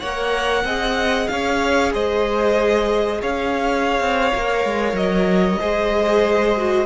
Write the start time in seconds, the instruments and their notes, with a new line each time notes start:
0.00 cello A#3, viola A#4, violin C#5 F#5
0.64 cello C4, viola G#4, violin D#5
1.28 cello C#4, violin C#5 F5
1.94 cello G#3, violin C5 D#5
3.21 cello C#4, violin C#5 F5
4.00 cello C4
4.35 cello A#3, viola A#4
4.65 cello G#3
4.93 cello F#3, violin D#5
5.59 cello G#3, viola G#4, violin C5
6.57 viola F#4